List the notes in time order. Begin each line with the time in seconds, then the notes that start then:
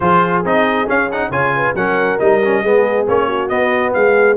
0.00 F3 F4 G#4 C5
0.44 C4 D#4 D#5
0.87 C#4 F5
1.11 D#4 F#5
1.30 C#3 F4 C#5 G#5
1.55 B4
1.74 F#3 C#4 A#4 F#5
2.18 G3 D#4 D#5
2.44 C#4
2.62 G#3 B3 G#4
3.06 A#3 C#4 C#5
3.26 F#4
3.48 B3 D#5
3.93 G#3 G#4 F5